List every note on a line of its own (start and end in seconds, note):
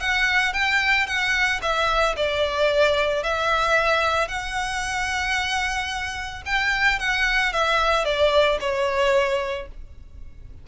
0.00 0.53 F#5
0.53 1.07 G5
1.07 1.60 F#5
1.62 2.16 E5
2.16 3.23 D5
3.23 4.28 E5
4.28 6.42 F#5
6.46 6.99 G5
7.00 7.53 F#5
7.53 8.05 E5
8.05 8.59 D5
8.60 9.67 C#5